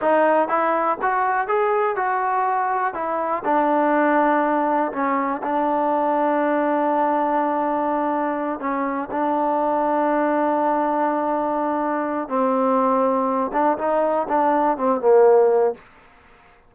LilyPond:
\new Staff \with { instrumentName = "trombone" } { \time 4/4 \tempo 4 = 122 dis'4 e'4 fis'4 gis'4 | fis'2 e'4 d'4~ | d'2 cis'4 d'4~ | d'1~ |
d'4. cis'4 d'4.~ | d'1~ | d'4 c'2~ c'8 d'8 | dis'4 d'4 c'8 ais4. | }